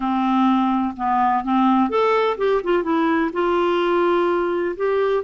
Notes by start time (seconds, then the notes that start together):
0.00 C4
0.97 B3
1.44 C4
1.89 A4
2.37 G4
2.63 F4
2.83 E4
3.32 F4
4.76 G4